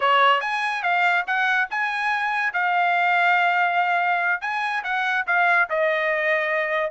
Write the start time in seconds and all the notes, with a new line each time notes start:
0.00 C#5
0.40 G#5
0.82 F5
1.26 F#5
1.70 G#5
2.53 F5
4.41 G#5
4.83 F#5
5.27 F5
5.69 D#5